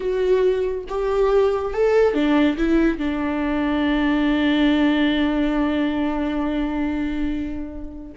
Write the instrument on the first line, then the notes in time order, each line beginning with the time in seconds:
viola
0.00 F#4
0.88 G4
1.73 A4
2.14 D4
2.57 E4
2.98 D4